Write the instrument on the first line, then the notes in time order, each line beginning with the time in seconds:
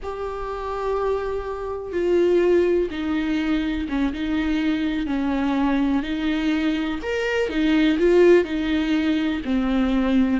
viola
0.02 G4
1.92 F4
2.90 D#4
3.88 C#4
4.13 D#4
5.06 C#4
6.02 D#4
7.02 A#4
7.49 D#4
7.98 F4
8.44 D#4
9.44 C4